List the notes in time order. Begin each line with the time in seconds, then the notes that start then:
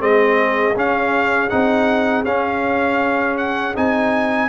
0.00 G#3 C4 G#4 D#5
0.76 C#4 F5
1.50 C4 D#4 F#5
2.25 C#4 F5
3.38 F#5
3.75 C4 D#4 G#5